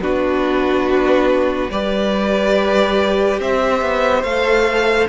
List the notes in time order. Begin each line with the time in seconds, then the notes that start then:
0.00 B3 D4 F#4 B4
1.71 G3 G4 B4 D5
3.39 C4 C5 E5
3.81 B3
4.23 A3 A4 F5